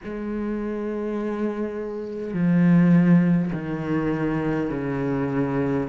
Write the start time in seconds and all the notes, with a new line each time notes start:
0.03 G#3
2.33 F3
3.52 D#3
4.70 C#3